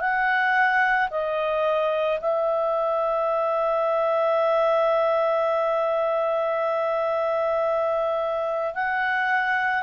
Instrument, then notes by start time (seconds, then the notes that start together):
clarinet
0.00 F#5
1.11 D#5
2.21 E5
8.75 F#5